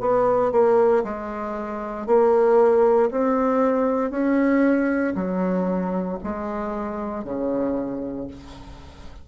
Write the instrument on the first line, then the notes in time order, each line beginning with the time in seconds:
bassoon
0.00 B3
0.52 A#3
1.03 G#3
2.06 A#3
3.11 C4
4.11 C#4
5.14 F#3
6.23 G#3
7.24 C#3